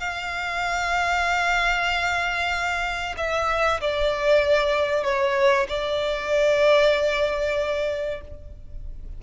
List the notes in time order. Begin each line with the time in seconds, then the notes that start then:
0.00 F5
3.18 E5
3.81 D5
5.04 C#5
5.69 D5